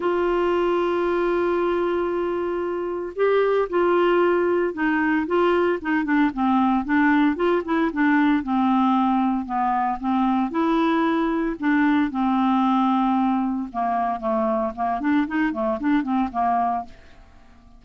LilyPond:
\new Staff \with { instrumentName = "clarinet" } { \time 4/4 \tempo 4 = 114 f'1~ | f'2 g'4 f'4~ | f'4 dis'4 f'4 dis'8 d'8 | c'4 d'4 f'8 e'8 d'4 |
c'2 b4 c'4 | e'2 d'4 c'4~ | c'2 ais4 a4 | ais8 d'8 dis'8 a8 d'8 c'8 ais4 | }